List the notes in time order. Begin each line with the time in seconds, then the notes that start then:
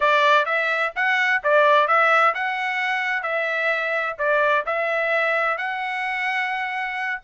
0.00 D5
0.45 E5
0.95 F#5
1.43 D5
1.87 E5
2.34 F#5
3.22 E5
4.18 D5
4.66 E5
5.57 F#5